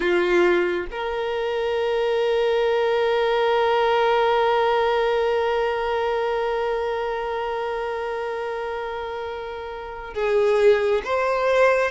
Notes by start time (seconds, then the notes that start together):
0.00 F4
0.91 A#4
10.14 G#4
11.04 C5